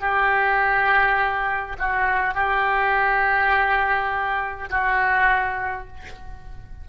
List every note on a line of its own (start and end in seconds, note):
0.00 1.76 G4
1.79 2.34 F#4
2.34 4.70 G4
4.70 5.88 F#4